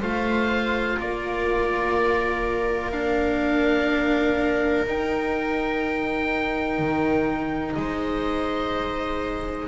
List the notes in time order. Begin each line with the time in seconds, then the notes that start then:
0.00 A3 F4 C5 F5
0.99 A#3 A#4 D5
2.92 D4 F5
4.85 D#4 G5
6.78 D#3
7.74 G#3 C5 D#5